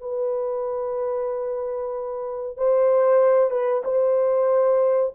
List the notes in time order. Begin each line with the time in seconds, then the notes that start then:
0.00 B4
2.57 C5
3.50 B4
3.84 C5